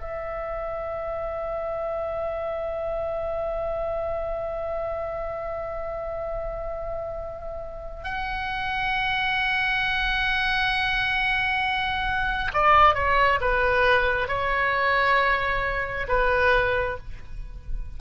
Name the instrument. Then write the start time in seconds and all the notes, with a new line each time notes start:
oboe
0.00 E5
8.04 F#5
12.53 D5
12.94 C#5
13.41 B4
14.28 C#5
16.08 B4